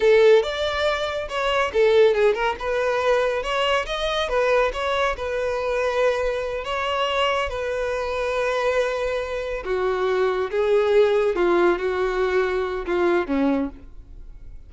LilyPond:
\new Staff \with { instrumentName = "violin" } { \time 4/4 \tempo 4 = 140 a'4 d''2 cis''4 | a'4 gis'8 ais'8 b'2 | cis''4 dis''4 b'4 cis''4 | b'2.~ b'8 cis''8~ |
cis''4. b'2~ b'8~ | b'2~ b'8 fis'4.~ | fis'8 gis'2 f'4 fis'8~ | fis'2 f'4 cis'4 | }